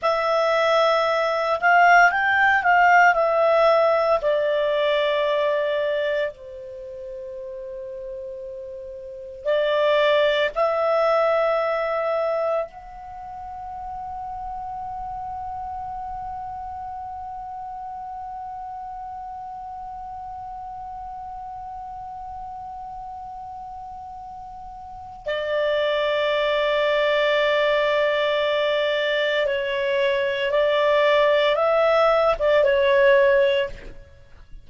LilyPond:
\new Staff \with { instrumentName = "clarinet" } { \time 4/4 \tempo 4 = 57 e''4. f''8 g''8 f''8 e''4 | d''2 c''2~ | c''4 d''4 e''2 | fis''1~ |
fis''1~ | fis''1 | d''1 | cis''4 d''4 e''8. d''16 cis''4 | }